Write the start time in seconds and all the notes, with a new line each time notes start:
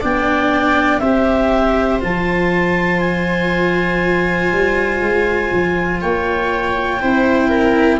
0.00 B3 D4 D5 G5
0.99 C4 G4 C5 E5
2.00 F3 F4 A5
3.00 G#5
4.51 G3
5.00 G#3
5.52 F3
6.00 A#3 C#5 G5
7.01 C4 E4 C5
7.48 A#4